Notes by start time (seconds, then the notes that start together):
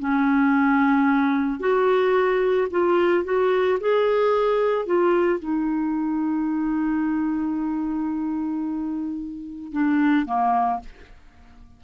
0.00 C#4
1.60 F#4
2.71 F4
3.25 F#4
3.81 G#4
4.86 F4
5.40 D#4
9.72 D4
10.26 A#3